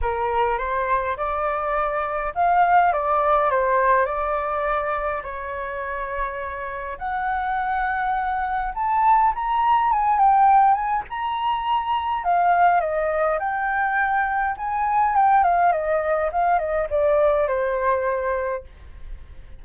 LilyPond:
\new Staff \with { instrumentName = "flute" } { \time 4/4 \tempo 4 = 103 ais'4 c''4 d''2 | f''4 d''4 c''4 d''4~ | d''4 cis''2. | fis''2. a''4 |
ais''4 gis''8 g''4 gis''8 ais''4~ | ais''4 f''4 dis''4 g''4~ | g''4 gis''4 g''8 f''8 dis''4 | f''8 dis''8 d''4 c''2 | }